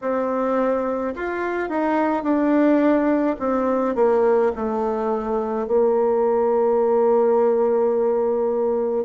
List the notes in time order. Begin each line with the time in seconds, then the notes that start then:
0.01 C4
1.15 F4
1.69 D#4
2.23 D4
3.39 C4
3.95 A#3
4.55 A3
5.67 A#3